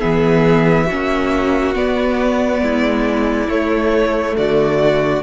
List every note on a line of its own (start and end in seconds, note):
0.00 0.91 E3
0.00 0.87 B3
0.00 0.86 G#4
0.00 1.74 E5
0.86 1.75 A#3
0.86 1.75 C#4
0.86 2.60 F#4
1.75 3.49 B3
1.75 2.61 B3
1.75 3.49 D5
2.61 3.48 G#3
2.61 4.37 E4
3.49 4.36 A3
3.49 5.22 A3
3.49 4.36 C#5
4.37 5.22 D3
4.37 5.22 F#4
4.37 5.22 D5